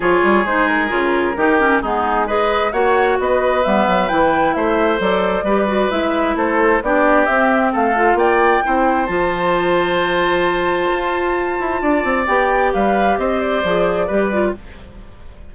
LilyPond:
<<
  \new Staff \with { instrumentName = "flute" } { \time 4/4 \tempo 4 = 132 cis''4 c''8 ais'2~ ais'8 | gis'4 dis''4 fis''4 dis''4 | e''4 g''4 e''4 d''4~ | d''4 e''4 c''4 d''4 |
e''4 f''4 g''2 | a''1~ | a''2. g''4 | f''4 dis''8 d''2~ d''8 | }
  \new Staff \with { instrumentName = "oboe" } { \time 4/4 gis'2. g'4 | dis'4 b'4 cis''4 b'4~ | b'2 c''2 | b'2 a'4 g'4~ |
g'4 a'4 d''4 c''4~ | c''1~ | c''2 d''2 | b'4 c''2 b'4 | }
  \new Staff \with { instrumentName = "clarinet" } { \time 4/4 f'4 dis'4 f'4 dis'8 cis'8 | b4 gis'4 fis'2 | b4 e'2 a'4 | g'8 fis'8 e'2 d'4 |
c'4. f'4. e'4 | f'1~ | f'2. g'4~ | g'2 gis'4 g'8 f'8 | }
  \new Staff \with { instrumentName = "bassoon" } { \time 4/4 f8 g8 gis4 cis4 dis4 | gis2 ais4 b4 | g8 fis8 e4 a4 fis4 | g4 gis4 a4 b4 |
c'4 a4 ais4 c'4 | f1 | f'4. e'8 d'8 c'8 b4 | g4 c'4 f4 g4 | }
>>